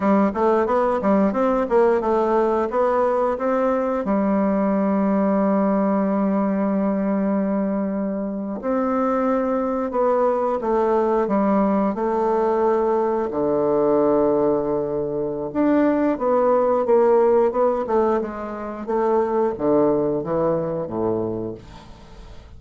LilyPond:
\new Staff \with { instrumentName = "bassoon" } { \time 4/4 \tempo 4 = 89 g8 a8 b8 g8 c'8 ais8 a4 | b4 c'4 g2~ | g1~ | g8. c'2 b4 a16~ |
a8. g4 a2 d16~ | d2. d'4 | b4 ais4 b8 a8 gis4 | a4 d4 e4 a,4 | }